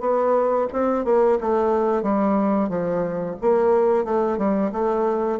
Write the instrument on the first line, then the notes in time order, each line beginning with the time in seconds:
bassoon
0.00 B3
0.72 C4
1.05 A#3
1.40 A3
2.02 G3
2.69 F3
3.41 A#3
4.05 A3
4.38 G3
4.72 A3